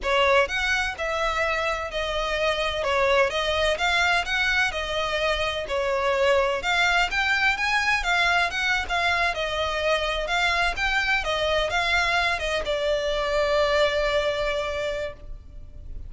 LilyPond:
\new Staff \with { instrumentName = "violin" } { \time 4/4 \tempo 4 = 127 cis''4 fis''4 e''2 | dis''2 cis''4 dis''4 | f''4 fis''4 dis''2 | cis''2 f''4 g''4 |
gis''4 f''4 fis''8. f''4 dis''16~ | dis''4.~ dis''16 f''4 g''4 dis''16~ | dis''8. f''4. dis''8 d''4~ d''16~ | d''1 | }